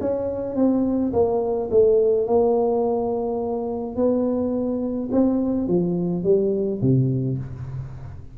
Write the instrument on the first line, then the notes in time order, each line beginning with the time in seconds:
tuba
0.00 C#4
0.55 C4
1.13 A#3
1.70 A3
2.26 A#3
3.96 B3
5.11 C4
5.67 F3
6.23 G3
6.81 C3